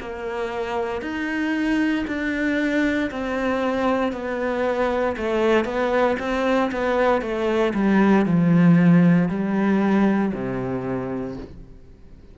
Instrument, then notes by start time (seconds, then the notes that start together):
cello
0.00 A#3
1.02 D#4
2.07 D4
3.11 C4
4.12 B3
5.16 A3
5.65 B3
6.19 C4
6.71 B3
7.21 A3
7.74 G3
8.26 F3
9.29 G3
10.34 C3